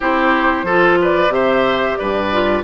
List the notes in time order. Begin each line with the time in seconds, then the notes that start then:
0.00 C4 E4 G4 C5
0.63 F3 F4 A4
1.01 B4 D5
1.28 C3 G4 C5 E5
1.96 G2 B4 D5
2.32 F4